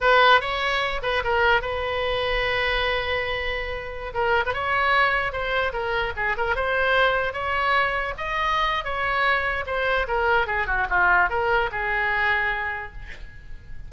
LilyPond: \new Staff \with { instrumentName = "oboe" } { \time 4/4 \tempo 4 = 149 b'4 cis''4. b'8 ais'4 | b'1~ | b'2~ b'16 ais'8. b'16 cis''8.~ | cis''4~ cis''16 c''4 ais'4 gis'8 ais'16~ |
ais'16 c''2 cis''4.~ cis''16~ | cis''16 dis''4.~ dis''16 cis''2 | c''4 ais'4 gis'8 fis'8 f'4 | ais'4 gis'2. | }